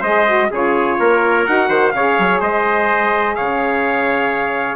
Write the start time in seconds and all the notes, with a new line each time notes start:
0.00 G#3 G#4 C5 D#5
0.26 F#4
0.50 C#3 F4 G#4 C#5
0.99 A#3 A#4
1.46 D#4 F#4 F#5
1.68 D#3 C5
1.91 C#3 C#5 F5
1.98 G#4
2.18 F#3
2.40 G#3 C5 D#5
3.35 C#3 C#5 F5